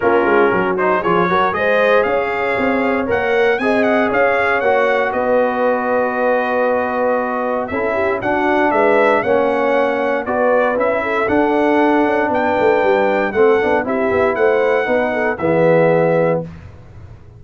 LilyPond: <<
  \new Staff \with { instrumentName = "trumpet" } { \time 4/4 \tempo 4 = 117 ais'4. c''8 cis''4 dis''4 | f''2 fis''4 gis''8 fis''8 | f''4 fis''4 dis''2~ | dis''2. e''4 |
fis''4 e''4 fis''2 | d''4 e''4 fis''2 | g''2 fis''4 e''4 | fis''2 e''2 | }
  \new Staff \with { instrumentName = "horn" } { \time 4/4 f'4 fis'4 gis'8 ais'8 c''4 | cis''2. dis''4 | cis''2 b'2~ | b'2. a'8 g'8 |
fis'4 b'4 cis''2 | b'4. a'2~ a'8 | b'2 a'4 g'4 | c''4 b'8 a'8 gis'2 | }
  \new Staff \with { instrumentName = "trombone" } { \time 4/4 cis'4. dis'8 f'8 fis'8 gis'4~ | gis'2 ais'4 gis'4~ | gis'4 fis'2.~ | fis'2. e'4 |
d'2 cis'2 | fis'4 e'4 d'2~ | d'2 c'8 d'8 e'4~ | e'4 dis'4 b2 | }
  \new Staff \with { instrumentName = "tuba" } { \time 4/4 ais8 gis8 fis4 f8 fis8 gis4 | cis'4 c'4 ais4 c'4 | cis'4 ais4 b2~ | b2. cis'4 |
d'4 gis4 ais2 | b4 cis'4 d'4. cis'8 | b8 a8 g4 a8 b8 c'8 b8 | a4 b4 e2 | }
>>